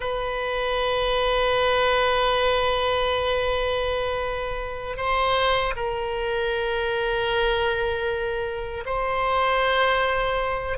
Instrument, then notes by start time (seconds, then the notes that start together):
oboe
0.00 B4
4.96 C5
5.76 A#4
8.85 C5